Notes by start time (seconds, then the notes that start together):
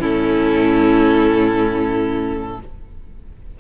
0.00 A2 C#4 E4 A4